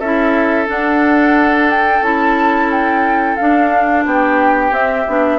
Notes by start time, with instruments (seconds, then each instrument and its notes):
0.00 bassoon C#4, clarinet E4, oboe A4, flute E5
0.67 clarinet D4, bassoon D4, flute F#5
1.71 flute G5
2.01 bassoon C#4, clarinet E4, flute A5
2.71 flute G5
3.37 clarinet D4, bassoon D4, flute F5
4.06 bassoon B3, oboe G4, flute G5
4.71 bassoon C4, clarinet C4, flute E5
5.08 bassoon B3, clarinet D4